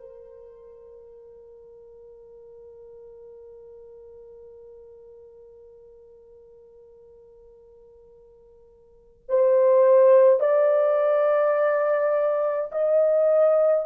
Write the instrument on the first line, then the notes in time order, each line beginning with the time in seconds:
horn
0.00 A#4
9.28 C5
10.40 D5
12.71 D#5